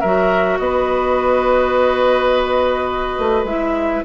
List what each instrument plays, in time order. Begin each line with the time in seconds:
0.00 bassoon F#3, clarinet F#4, oboe A#4, flute E5
0.58 bassoon B3, oboe B4, flute D#5
3.18 bassoon A3
3.44 bassoon G#3, clarinet E4, flute E5